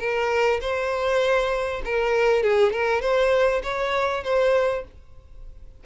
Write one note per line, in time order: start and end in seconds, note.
0.00 0.61 A#4
0.61 1.82 C5
1.85 2.43 A#4
2.43 2.73 G#4
2.73 3.02 A#4
3.02 3.62 C5
3.63 4.24 C#5
4.24 4.85 C5